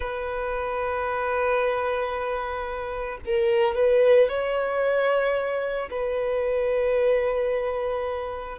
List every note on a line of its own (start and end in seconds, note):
0.00 3.19 B4
3.25 3.75 A#4
3.75 4.29 B4
4.29 5.89 C#5
5.90 8.58 B4